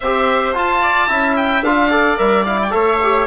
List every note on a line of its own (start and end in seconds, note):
0.00 0.54 C4
0.00 0.54 G4
0.00 0.82 C5
0.00 0.54 E5
0.54 1.08 F4
0.54 1.09 F4
0.54 1.36 A5
0.82 1.08 D5
1.08 1.62 C#4
1.08 1.63 E4
1.08 1.90 E5
1.36 1.63 G5
1.62 2.17 D4
1.62 1.90 F4
1.62 2.18 F5
1.90 2.17 A4
1.90 2.73 D5
2.17 2.73 G3
2.17 2.44 A#4
2.17 2.45 E5
2.45 2.69 E4
2.45 2.58 F5
2.62 2.71 G5
2.69 3.27 A3
2.69 2.97 A4
2.69 3.27 C#5
2.69 3.26 E5
3.02 3.27 G4